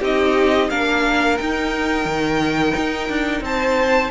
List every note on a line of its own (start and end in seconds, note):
0.00 0.70 C4
0.00 0.70 D#4
0.00 0.68 G4
0.00 0.70 D#5
0.70 1.39 A#3
0.70 1.39 D4
0.70 3.43 A#4
0.70 1.38 F5
1.38 2.05 D#4
1.38 4.11 D#4
1.38 3.42 G5
2.05 2.73 D#3
2.77 3.09 D#4
3.09 3.41 D4
3.41 4.09 C4
3.41 4.11 C5
3.41 4.11 A5